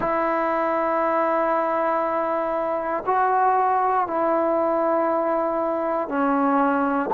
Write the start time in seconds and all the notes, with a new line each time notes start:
0.00 E4
3.06 F#4
4.07 E4
6.08 C#4